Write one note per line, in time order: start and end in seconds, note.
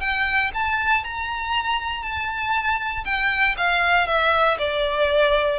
0.00 0.51 G5
0.54 1.04 A5
1.04 2.02 A#5
2.02 3.04 A5
3.04 3.55 G5
3.57 4.07 F5
4.07 4.57 E5
4.58 5.59 D5